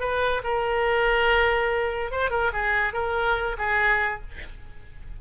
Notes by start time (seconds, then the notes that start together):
0.00 B4
0.43 A#4
2.11 C5
2.30 A#4
2.53 G#4
2.93 A#4
3.58 G#4